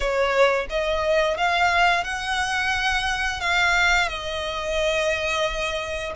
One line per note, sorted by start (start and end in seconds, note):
0.00 0.66 C#5
0.69 1.37 D#5
1.37 2.04 F5
2.04 3.40 F#5
3.40 4.08 F5
4.08 6.12 D#5